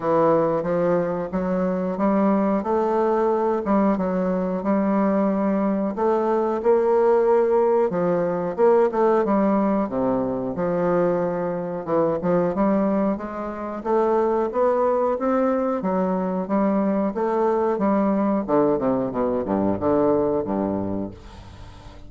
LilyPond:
\new Staff \with { instrumentName = "bassoon" } { \time 4/4 \tempo 4 = 91 e4 f4 fis4 g4 | a4. g8 fis4 g4~ | g4 a4 ais2 | f4 ais8 a8 g4 c4 |
f2 e8 f8 g4 | gis4 a4 b4 c'4 | fis4 g4 a4 g4 | d8 c8 b,8 g,8 d4 g,4 | }